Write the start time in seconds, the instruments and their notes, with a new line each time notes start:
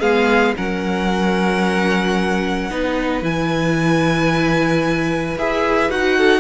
0.00 cello G#3, viola B3, violin G#4 F5
0.56 cello F#3, viola C#4, violin A#4 F#5
2.70 cello B3, viola D#4, violin B4
3.22 cello E3, viola E4, violin G#5
5.37 cello E4, viola G#4, violin E5
5.89 cello D#4, viola F#4, violin F#5
6.17 violin A4